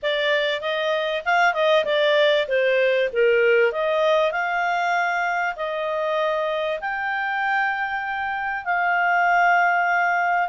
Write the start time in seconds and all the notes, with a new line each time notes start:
0.02 D5
0.61 D#5
1.25 F5
1.53 D#5
1.84 D5
2.47 C5
3.12 A#4
3.72 D#5
4.31 F5
5.56 D#5
6.80 G5
8.64 F5